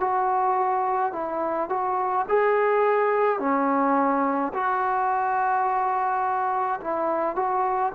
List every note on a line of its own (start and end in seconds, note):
0.00 1.13 F#4
1.13 1.69 E4
1.70 2.26 F#4
2.28 3.40 G#4
3.40 4.53 C#4
4.54 6.80 F#4
6.81 7.36 E4
7.36 7.92 F#4